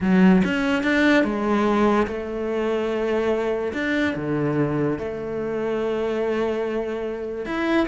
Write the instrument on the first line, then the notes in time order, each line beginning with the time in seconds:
cello
0.00 F#3
0.44 C#4
0.83 D4
1.24 G#3
2.07 A3
3.73 D4
4.15 D3
4.98 A3
7.45 E4